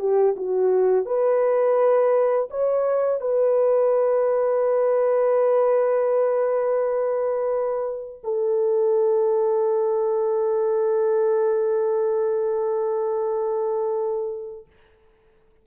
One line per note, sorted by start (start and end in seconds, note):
0.00 0.36 G4
0.37 1.06 F#4
1.06 2.49 B4
2.51 3.21 C#5
3.21 8.21 B4
8.24 14.67 A4